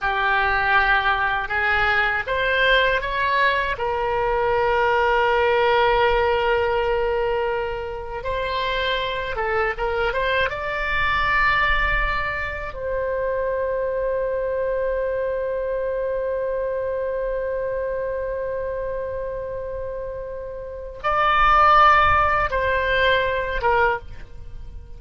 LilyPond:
\new Staff \with { instrumentName = "oboe" } { \time 4/4 \tempo 4 = 80 g'2 gis'4 c''4 | cis''4 ais'2.~ | ais'2. c''4~ | c''8 a'8 ais'8 c''8 d''2~ |
d''4 c''2.~ | c''1~ | c''1 | d''2 c''4. ais'8 | }